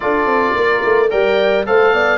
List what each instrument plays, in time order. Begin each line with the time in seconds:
0.00 tuba D4, trombone F4, horn A4, oboe D5
0.26 tuba C4
0.55 tuba A#3, horn A#4
0.84 tuba A3
1.09 tuba G3, trombone A#4, horn D5, oboe G5
1.65 tuba A3, trombone A4, horn C5, oboe F5
1.93 tuba B3, horn D5